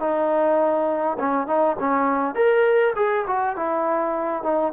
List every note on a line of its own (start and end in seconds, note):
0.00 1.18 D#4
1.19 1.47 C#4
1.47 1.76 D#4
1.79 2.35 C#4
2.35 2.94 A#4
2.96 3.25 G#4
3.27 3.56 F#4
3.56 4.43 E4
4.43 4.72 D#4